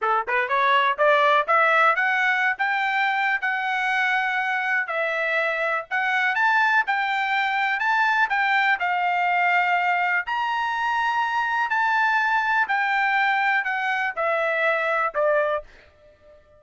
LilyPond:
\new Staff \with { instrumentName = "trumpet" } { \time 4/4 \tempo 4 = 123 a'8 b'8 cis''4 d''4 e''4 | fis''4~ fis''16 g''4.~ g''16 fis''4~ | fis''2 e''2 | fis''4 a''4 g''2 |
a''4 g''4 f''2~ | f''4 ais''2. | a''2 g''2 | fis''4 e''2 d''4 | }